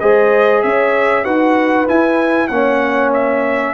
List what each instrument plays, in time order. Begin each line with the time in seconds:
0.00 tuba G#3, trombone G#4, horn C5, trumpet D#5
0.62 tuba C#4, horn C#5, trumpet E5
1.24 tuba D#4, trombone F#4, horn B4, trumpet F#5
1.87 trombone E4, tuba E4, trumpet G#5
2.48 tuba A#3, trombone C#4, horn C#5, trumpet F#5
3.14 trumpet E5